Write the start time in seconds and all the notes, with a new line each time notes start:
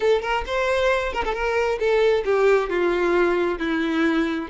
0.00 A4
0.22 A#4
0.46 C5
1.13 A#4
1.24 A4
1.34 A#4
1.79 A4
2.24 G4
2.69 F4
3.59 E4